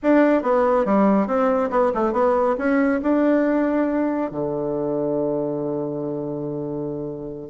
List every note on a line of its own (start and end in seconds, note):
0.02 0.42 D4
0.42 0.85 B3
0.85 1.27 G3
1.27 1.69 C4
1.70 1.91 B3
1.94 2.13 A3
2.13 2.55 B3
2.58 3.00 C#4
3.02 4.31 D4
4.31 7.49 D3